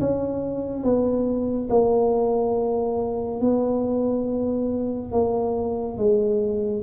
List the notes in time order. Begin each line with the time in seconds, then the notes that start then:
0.00 C#4
0.83 B3
1.69 A#3
3.41 B3
5.12 A#3
5.97 G#3